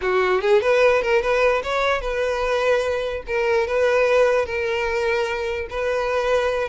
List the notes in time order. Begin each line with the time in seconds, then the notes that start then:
0.01 F#4
0.41 G#4
0.61 B4
1.02 A#4
1.22 B4
1.63 C#5
2.01 B4
3.27 A#4
3.67 B4
4.45 A#4
5.70 B4